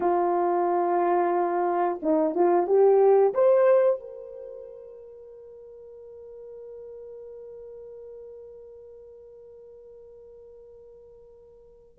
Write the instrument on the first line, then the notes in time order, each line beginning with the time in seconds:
horn
0.00 F4
2.02 D#4
2.34 F4
2.67 G4
3.34 C5
4.00 A#4